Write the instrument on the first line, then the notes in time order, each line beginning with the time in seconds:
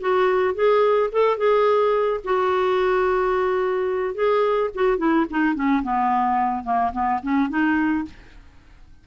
clarinet
0.00 F#4
0.54 G#4
1.12 A4
1.37 G#4
2.24 F#4
4.14 G#4
4.74 F#4
4.97 E4
5.30 D#4
5.55 C#4
5.83 B3
6.63 A#3
6.92 B3
7.22 C#4
7.49 D#4